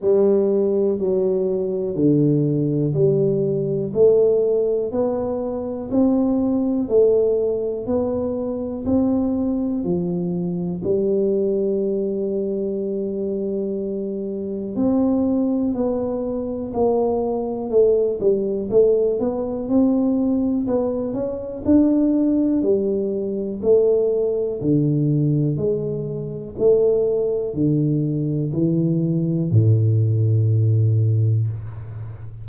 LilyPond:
\new Staff \with { instrumentName = "tuba" } { \time 4/4 \tempo 4 = 61 g4 fis4 d4 g4 | a4 b4 c'4 a4 | b4 c'4 f4 g4~ | g2. c'4 |
b4 ais4 a8 g8 a8 b8 | c'4 b8 cis'8 d'4 g4 | a4 d4 gis4 a4 | d4 e4 a,2 | }